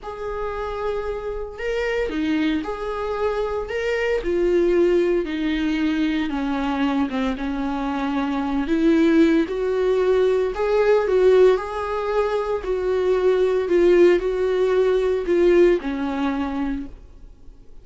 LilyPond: \new Staff \with { instrumentName = "viola" } { \time 4/4 \tempo 4 = 114 gis'2. ais'4 | dis'4 gis'2 ais'4 | f'2 dis'2 | cis'4. c'8 cis'2~ |
cis'8 e'4. fis'2 | gis'4 fis'4 gis'2 | fis'2 f'4 fis'4~ | fis'4 f'4 cis'2 | }